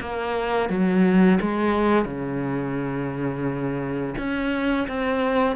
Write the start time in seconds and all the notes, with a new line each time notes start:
0.00 A#3
0.69 F#3
1.40 G#3
2.05 C#3
4.18 C#4
4.87 C4